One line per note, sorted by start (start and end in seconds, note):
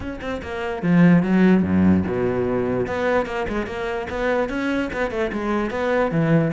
0.00 0.19 C#4
0.21 0.41 C4
0.42 0.82 A#3
0.82 1.22 F3
1.22 1.62 F#3
1.62 2.03 F#2
2.06 2.86 B2
2.86 3.26 B3
3.26 3.46 A#3
3.48 3.66 G#3
3.66 4.07 A#3
4.09 4.49 B3
4.49 4.90 C#4
4.93 5.10 B3
5.10 5.31 A3
5.32 5.70 G#3
5.70 6.11 B3
6.11 6.52 E3